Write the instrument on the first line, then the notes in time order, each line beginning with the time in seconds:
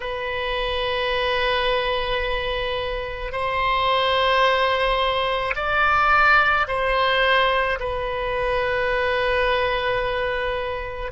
oboe
0.00 B4
3.31 C5
5.55 D5
6.67 C5
7.79 B4